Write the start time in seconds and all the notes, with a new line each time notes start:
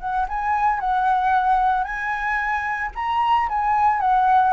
0.00 F#5
0.28 G#5
0.80 F#5
1.84 G#5
2.95 A#5
3.49 G#5
4.01 F#5